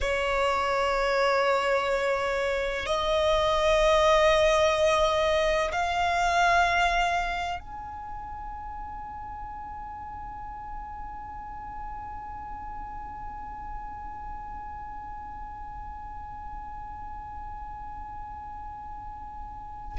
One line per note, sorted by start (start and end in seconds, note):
0.00 2.86 C#5
2.86 5.71 D#5
5.71 7.59 F5
7.59 19.97 G#5